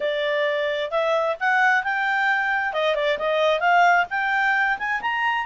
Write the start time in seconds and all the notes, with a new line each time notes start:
0.00 D5
0.90 E5
1.40 F#5
1.83 G5
2.73 D#5
2.95 D5
3.18 D#5
3.60 F5
4.10 G5
4.78 G#5
5.01 A#5